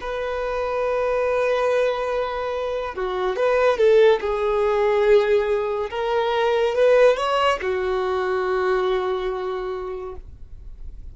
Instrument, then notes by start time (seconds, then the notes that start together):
violin
0.00 B4
2.95 F#4
3.36 B4
3.77 A4
4.20 G#4
5.90 A#4
6.75 B4
7.17 C#5
7.62 F#4